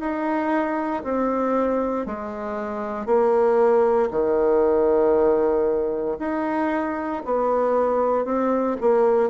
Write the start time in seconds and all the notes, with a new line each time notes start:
0.00 D#4
1.04 C4
2.06 G#3
3.06 A#3
4.11 D#3
6.19 D#4
7.26 B3
8.25 C4
8.81 A#3